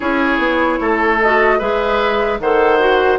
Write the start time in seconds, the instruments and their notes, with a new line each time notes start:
0.00 bassoon C#4, clarinet E4, oboe G#4, flute C#5
0.38 bassoon B3
0.81 bassoon A3, oboe A4
1.21 clarinet F#4, flute D#5
1.58 bassoon G#3, clarinet G#4, oboe B4, flute E5
2.39 bassoon D#3, clarinet A4, oboe C5, flute F#5
2.79 clarinet F#4